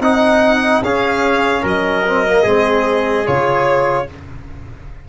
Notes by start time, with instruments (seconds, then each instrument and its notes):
0.00 tuba C4, trombone D#4, trumpet D#4, violin F#5
0.82 tuba C#4, trombone C#4, trumpet G#4, violin F5
1.61 tuba F#3, trumpet A#4, violin D#5
2.06 trombone C4
2.26 trombone A#3
2.42 tuba G#3, trombone C4, trumpet G#4
3.26 tuba C#3, trombone F4, violin C#5